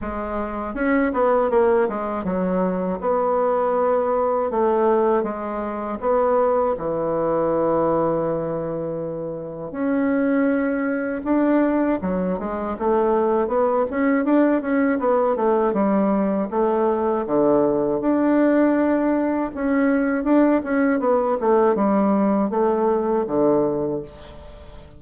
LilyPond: \new Staff \with { instrumentName = "bassoon" } { \time 4/4 \tempo 4 = 80 gis4 cis'8 b8 ais8 gis8 fis4 | b2 a4 gis4 | b4 e2.~ | e4 cis'2 d'4 |
fis8 gis8 a4 b8 cis'8 d'8 cis'8 | b8 a8 g4 a4 d4 | d'2 cis'4 d'8 cis'8 | b8 a8 g4 a4 d4 | }